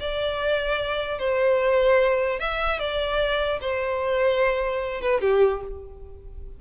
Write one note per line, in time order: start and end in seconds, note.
0.00 1.19 D5
1.19 2.39 C5
2.40 2.79 E5
2.79 3.60 D5
3.61 5.01 C5
5.01 5.21 B4
5.21 5.61 G4